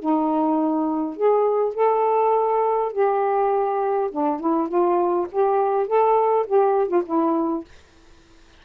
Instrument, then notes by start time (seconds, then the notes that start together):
saxophone
0.00 D#4
1.17 G#4
1.75 A4
2.93 G4
4.11 D4
4.41 E4
4.69 F4
5.32 G4
5.88 A4
6.48 G4
6.89 F4
7.06 E4